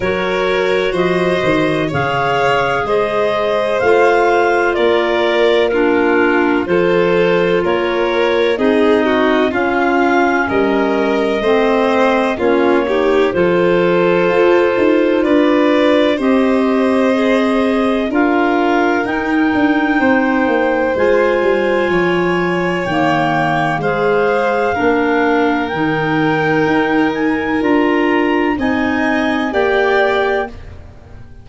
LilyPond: <<
  \new Staff \with { instrumentName = "clarinet" } { \time 4/4 \tempo 4 = 63 cis''4 dis''4 f''4 dis''4 | f''4 d''4 ais'4 c''4 | cis''4 dis''4 f''4 dis''4~ | dis''4 cis''4 c''2 |
d''4 dis''2 f''4 | g''2 gis''2 | g''4 f''2 g''4~ | g''8 gis''8 ais''4 gis''4 g''4 | }
  \new Staff \with { instrumentName = "violin" } { \time 4/4 ais'4 c''4 cis''4 c''4~ | c''4 ais'4 f'4 a'4 | ais'4 gis'8 fis'8 f'4 ais'4 | c''4 f'8 g'8 a'2 |
b'4 c''2 ais'4~ | ais'4 c''2 cis''4~ | cis''4 c''4 ais'2~ | ais'2 dis''4 d''4 | }
  \new Staff \with { instrumentName = "clarinet" } { \time 4/4 fis'2 gis'2 | f'2 d'4 f'4~ | f'4 dis'4 cis'2 | c'4 cis'8 dis'8 f'2~ |
f'4 g'4 gis'4 f'4 | dis'2 f'2 | ais4 gis'4 d'4 dis'4~ | dis'4 f'4 dis'4 g'4 | }
  \new Staff \with { instrumentName = "tuba" } { \time 4/4 fis4 f8 dis8 cis4 gis4 | a4 ais2 f4 | ais4 c'4 cis'4 g4 | a4 ais4 f4 f'8 dis'8 |
d'4 c'2 d'4 | dis'8 d'8 c'8 ais8 gis8 g8 f4 | dis4 gis4 ais4 dis4 | dis'4 d'4 c'4 ais4 | }
>>